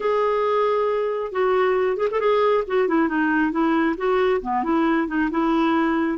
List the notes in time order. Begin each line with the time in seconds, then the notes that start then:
0.00 G#4
1.31 F#4
1.97 G#4
2.11 A4
2.19 G#4
2.67 F#4
2.88 E4
3.08 D#4
3.51 E4
3.97 F#4
4.41 B3
4.63 E4
5.07 D#4
5.30 E4